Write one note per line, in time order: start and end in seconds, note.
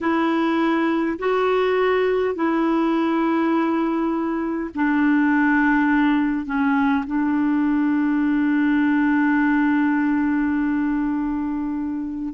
0.01 1.18 E4
1.18 2.35 F#4
2.35 4.70 E4
4.74 6.45 D4
6.45 7.04 C#4
7.06 12.34 D4